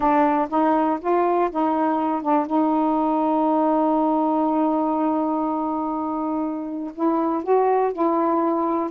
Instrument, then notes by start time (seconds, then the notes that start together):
saxophone
0.00 D4
0.49 D#4
1.00 F4
1.50 D#4
2.22 D4
2.46 D#4
6.94 E4
7.43 F#4
7.92 E4